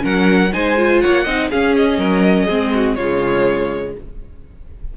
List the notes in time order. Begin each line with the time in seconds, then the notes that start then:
0.00 F#3 C#4 A#4 F#5
0.52 G#3 D#4 C5 G#5
0.77 F4
1.00 A#3 C#5 F#5
1.24 C4 D#4 D#5
1.49 C#4 G#4 F5
1.76 D#5
1.97 F#3 A#4
2.45 G#3 C4 G#4
2.74 F#4
2.95 C#3 G#3 F4 C#5